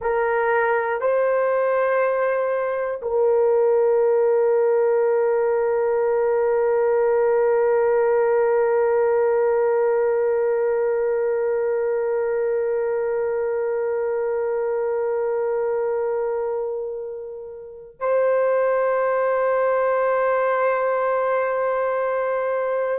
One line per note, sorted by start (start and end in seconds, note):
0.01 1.00 A#4
1.00 3.00 C5
3.02 17.99 A#4
17.99 22.99 C5